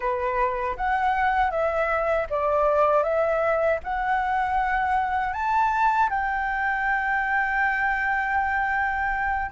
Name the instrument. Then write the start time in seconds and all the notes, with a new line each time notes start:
flute
0.00 B4
0.76 F#5
1.50 E5
2.30 D5
3.03 E5
3.83 F#5
5.33 A5
6.09 G5